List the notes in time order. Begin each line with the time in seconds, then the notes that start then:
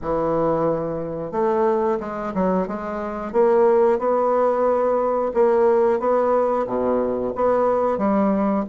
0.01 E3
1.32 A3
2.00 G#3
2.34 F#3
2.67 G#3
3.32 A#3
3.98 B3
5.34 A#3
5.99 B3
6.66 B2
7.35 B3
7.98 G3